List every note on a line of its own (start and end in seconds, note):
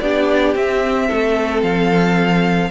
0.00 0.55 B3
0.00 0.56 D4
0.00 1.08 G4
0.00 0.54 D5
0.55 1.09 C4
0.55 2.71 C4
0.55 1.63 E5
1.08 1.63 A3
1.08 2.70 A4
1.63 2.71 F3
1.63 2.71 F5